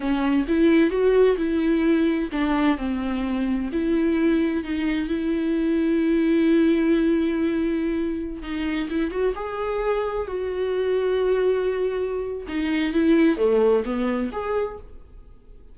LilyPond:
\new Staff \with { instrumentName = "viola" } { \time 4/4 \tempo 4 = 130 cis'4 e'4 fis'4 e'4~ | e'4 d'4 c'2 | e'2 dis'4 e'4~ | e'1~ |
e'2~ e'16 dis'4 e'8 fis'16~ | fis'16 gis'2 fis'4.~ fis'16~ | fis'2. dis'4 | e'4 a4 b4 gis'4 | }